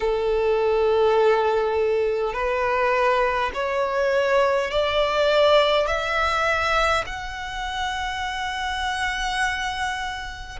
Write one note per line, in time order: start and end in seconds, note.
0.00 2.33 A4
2.33 3.51 B4
3.53 4.71 C#5
4.71 5.87 D5
5.87 7.04 E5
7.06 10.59 F#5